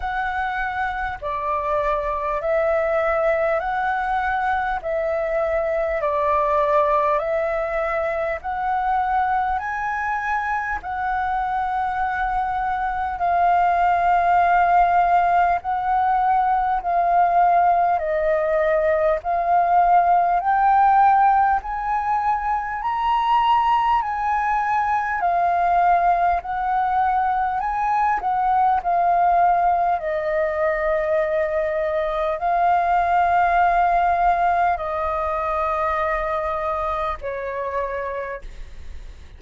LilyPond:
\new Staff \with { instrumentName = "flute" } { \time 4/4 \tempo 4 = 50 fis''4 d''4 e''4 fis''4 | e''4 d''4 e''4 fis''4 | gis''4 fis''2 f''4~ | f''4 fis''4 f''4 dis''4 |
f''4 g''4 gis''4 ais''4 | gis''4 f''4 fis''4 gis''8 fis''8 | f''4 dis''2 f''4~ | f''4 dis''2 cis''4 | }